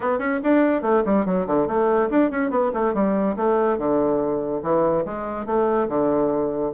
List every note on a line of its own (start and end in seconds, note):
0.00 0.18 B3
0.18 0.39 C#4
0.43 0.82 D4
0.82 1.03 A3
1.05 1.25 G3
1.25 1.46 F#3
1.46 1.67 D3
1.67 2.09 A3
2.10 2.30 D4
2.30 2.50 C#4
2.50 2.71 B3
2.73 2.94 A3
2.94 3.36 G3
3.36 3.78 A3
3.78 4.62 D3
4.62 5.04 E3
5.05 5.45 G#3
5.45 5.87 A3
5.88 6.72 D3